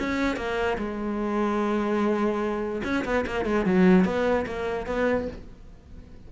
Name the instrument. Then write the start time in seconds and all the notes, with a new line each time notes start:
cello
0.00 C#4
0.37 A#3
0.78 G#3
2.84 C#4
3.05 B3
3.27 A#3
3.45 G#3
3.66 F#3
4.05 B3
4.47 A#3
4.87 B3